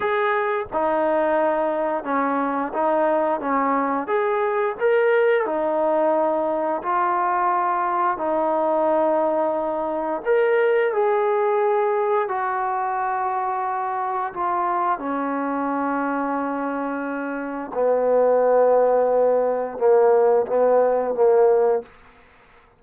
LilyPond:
\new Staff \with { instrumentName = "trombone" } { \time 4/4 \tempo 4 = 88 gis'4 dis'2 cis'4 | dis'4 cis'4 gis'4 ais'4 | dis'2 f'2 | dis'2. ais'4 |
gis'2 fis'2~ | fis'4 f'4 cis'2~ | cis'2 b2~ | b4 ais4 b4 ais4 | }